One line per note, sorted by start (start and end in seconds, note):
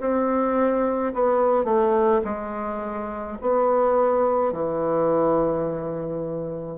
0.00 1.13 C4
1.14 1.65 B3
1.65 2.21 A3
2.24 3.38 G#3
3.41 4.52 B3
4.52 6.78 E3